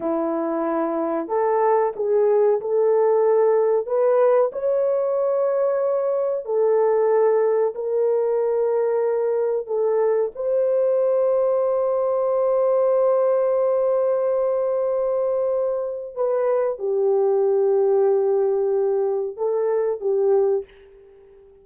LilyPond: \new Staff \with { instrumentName = "horn" } { \time 4/4 \tempo 4 = 93 e'2 a'4 gis'4 | a'2 b'4 cis''4~ | cis''2 a'2 | ais'2. a'4 |
c''1~ | c''1~ | c''4 b'4 g'2~ | g'2 a'4 g'4 | }